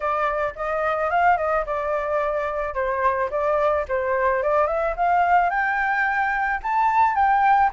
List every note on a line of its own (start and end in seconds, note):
0.00 0.53 D5
0.55 1.10 D#5
1.10 1.37 F5
1.37 1.64 D#5
1.65 2.74 D5
2.74 3.29 C5
3.30 3.85 D5
3.88 4.42 C5
4.42 4.67 D5
4.67 4.94 E5
4.96 5.50 F5
5.50 6.60 G5
6.62 7.15 A5
7.15 7.70 G5